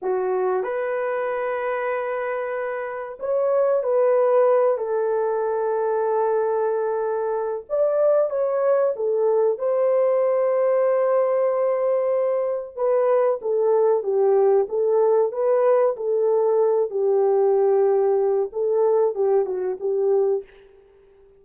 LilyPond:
\new Staff \with { instrumentName = "horn" } { \time 4/4 \tempo 4 = 94 fis'4 b'2.~ | b'4 cis''4 b'4. a'8~ | a'1 | d''4 cis''4 a'4 c''4~ |
c''1 | b'4 a'4 g'4 a'4 | b'4 a'4. g'4.~ | g'4 a'4 g'8 fis'8 g'4 | }